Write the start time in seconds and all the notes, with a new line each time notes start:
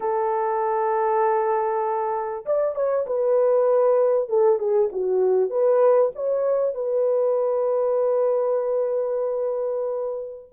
0.00 A4
2.45 D5
2.75 C#5
3.06 B4
4.29 A4
4.59 G#4
4.91 F#4
5.49 B4
6.15 C#5
6.74 B4